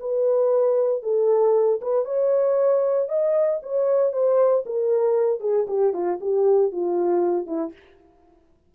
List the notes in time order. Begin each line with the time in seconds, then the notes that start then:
0.00 B4
1.03 A4
1.82 B4
2.05 C#5
3.09 D#5
3.63 C#5
4.13 C5
4.66 A#4
5.41 G#4
5.68 G4
5.93 F4
6.21 G4
6.72 F4
7.47 E4